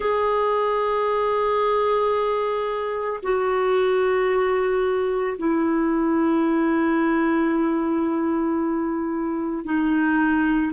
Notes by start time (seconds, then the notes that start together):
0.00 G#4
3.22 F#4
5.38 E4
9.64 D#4